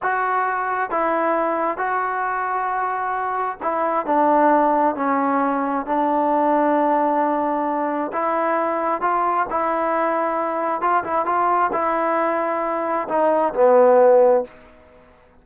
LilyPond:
\new Staff \with { instrumentName = "trombone" } { \time 4/4 \tempo 4 = 133 fis'2 e'2 | fis'1 | e'4 d'2 cis'4~ | cis'4 d'2.~ |
d'2 e'2 | f'4 e'2. | f'8 e'8 f'4 e'2~ | e'4 dis'4 b2 | }